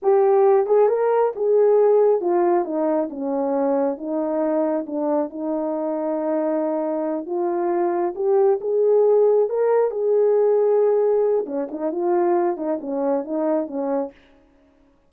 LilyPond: \new Staff \with { instrumentName = "horn" } { \time 4/4 \tempo 4 = 136 g'4. gis'8 ais'4 gis'4~ | gis'4 f'4 dis'4 cis'4~ | cis'4 dis'2 d'4 | dis'1~ |
dis'8 f'2 g'4 gis'8~ | gis'4. ais'4 gis'4.~ | gis'2 cis'8 dis'8 f'4~ | f'8 dis'8 cis'4 dis'4 cis'4 | }